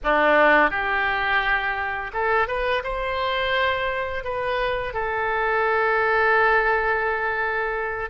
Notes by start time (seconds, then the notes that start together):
0.03 D4
0.70 G4
2.13 A4
2.47 B4
2.83 C5
4.24 B4
4.93 A4